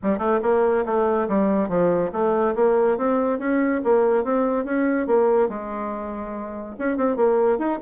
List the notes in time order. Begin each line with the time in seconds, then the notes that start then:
0.02 G3
0.18 A3
0.42 A#3
0.85 A3
1.28 G3
1.68 F3
2.12 A3
2.55 A#3
2.97 C4
3.38 C#4
3.84 A#3
4.23 C4
4.64 C#4
5.06 A#3
5.48 G#3
6.78 C#4
6.97 C4
7.16 A#3
7.58 D#4